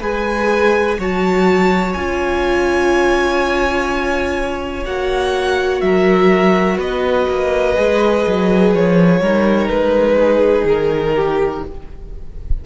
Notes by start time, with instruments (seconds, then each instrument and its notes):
0.00 cello G#3, viola G#4, violin B4 G#5
0.98 cello F#3, viola F#4, violin C#5 A5
1.93 cello C#4, viola F4, violin G#5
4.85 cello A#3, viola F#4, violin F#5
5.81 cello F#3, violin A#4 E5
6.77 cello B3, violin B4 D#5
7.28 cello A#3
7.75 cello G#3, viola G#4
8.27 cello F#3
8.73 cello F3, violin C#5
9.21 cello G3, viola D#4, violin A#4
9.68 cello G#3, violin B4
10.18 violin G#4
10.64 cello D#3, violin A#4
11.15 violin G4